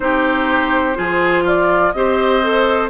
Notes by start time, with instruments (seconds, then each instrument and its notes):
0.00 bassoon C4, clarinet D#4, oboe G4, flute C5
0.95 bassoon F3, clarinet F4, oboe G#4
1.43 oboe F4, flute D5
1.92 bassoon C4, clarinet G4, oboe C5, flute D#5
2.42 clarinet A4